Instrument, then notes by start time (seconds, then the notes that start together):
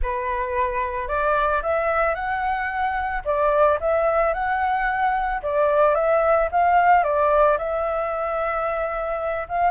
flute
0.02 B4
1.07 D5
1.62 E5
2.14 F#5
3.24 D5
3.80 E5
4.33 F#5
5.42 D5
5.94 E5
6.51 F5
7.03 D5
7.57 E5
9.48 F5